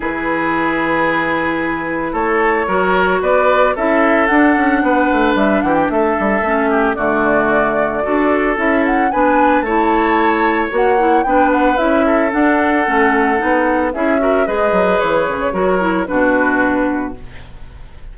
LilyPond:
<<
  \new Staff \with { instrumentName = "flute" } { \time 4/4 \tempo 4 = 112 b'1 | cis''2 d''4 e''4 | fis''2 e''8 fis''16 g''16 e''4~ | e''4 d''2. |
e''8 fis''8 gis''4 a''2 | fis''4 g''8 fis''8 e''4 fis''4~ | fis''2 e''4 dis''4 | cis''2 b'2 | }
  \new Staff \with { instrumentName = "oboe" } { \time 4/4 gis'1 | a'4 ais'4 b'4 a'4~ | a'4 b'4. g'8 a'4~ | a'8 g'8 fis'2 a'4~ |
a'4 b'4 cis''2~ | cis''4 b'4. a'4.~ | a'2 gis'8 ais'8 b'4~ | b'4 ais'4 fis'2 | }
  \new Staff \with { instrumentName = "clarinet" } { \time 4/4 e'1~ | e'4 fis'2 e'4 | d'1 | cis'4 a2 fis'4 |
e'4 d'4 e'2 | fis'8 e'8 d'4 e'4 d'4 | cis'4 dis'4 e'8 fis'8 gis'4~ | gis'4 fis'8 e'8 d'2 | }
  \new Staff \with { instrumentName = "bassoon" } { \time 4/4 e1 | a4 fis4 b4 cis'4 | d'8 cis'8 b8 a8 g8 e8 a8 g8 | a4 d2 d'4 |
cis'4 b4 a2 | ais4 b4 cis'4 d'4 | a4 b4 cis'4 gis8 fis8 | e8 cis8 fis4 b,2 | }
>>